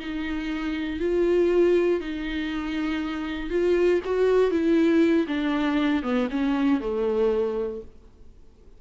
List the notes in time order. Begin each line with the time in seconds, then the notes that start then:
0.00 D#4
1.00 F4
2.01 D#4
3.50 F4
4.05 F#4
4.51 E4
5.28 D4
6.03 B3
6.30 C#4
6.81 A3